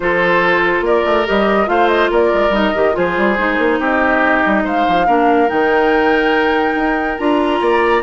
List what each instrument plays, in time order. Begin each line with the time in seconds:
0.00 bassoon F3, clarinet F4, oboe A4, flute C5
0.81 bassoon A#3, oboe A#4, flute D5
1.05 bassoon A3
1.26 bassoon G3, clarinet G4, flute D#5
1.66 bassoon A3, clarinet F4, oboe C5, flute F5
1.88 flute D#5
2.10 bassoon A#3, oboe A#4, flute D5
2.33 bassoon G#3
2.49 bassoon G3, clarinet D#4, flute D#5
2.75 bassoon D#3, clarinet G4
2.93 bassoon F3, clarinet F4, oboe G#4, flute C5
3.17 bassoon G3
3.38 bassoon G#3, clarinet D#4
3.58 bassoon A#3
3.79 bassoon C4, oboe G4, flute D#5
4.46 bassoon G3
4.64 bassoon G#3, oboe C5, flute F5
4.87 bassoon F3
5.06 bassoon A#3, clarinet D4, oboe A#4
5.47 bassoon D#3, clarinet D#4, flute G5
6.75 bassoon D#4
7.18 bassoon D4, clarinet F4, flute A#5
7.60 bassoon A#3, oboe D5